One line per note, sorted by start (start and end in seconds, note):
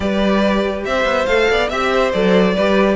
0.00 0.85 G3
0.00 1.27 G4
0.00 0.86 B4
0.00 0.83 D5
0.84 1.04 C4
0.84 1.50 C5
0.84 1.26 E5
1.04 1.26 B3
1.26 1.48 A3
1.26 1.70 A4
1.26 1.68 F5
1.50 1.70 B3
1.50 1.69 D5
1.69 2.13 C4
1.69 2.13 G4
1.69 1.90 E5
1.69 2.12 E5
1.92 2.54 C5
2.12 2.56 F#3
2.12 2.55 A4
2.12 2.96 D5
2.54 2.96 G3
2.54 2.96 G4
2.54 2.96 B4